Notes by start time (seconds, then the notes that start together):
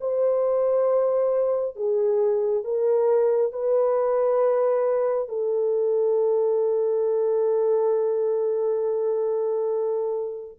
0.00 C5
1.76 G#4
2.64 A#4
3.52 B4
5.28 A4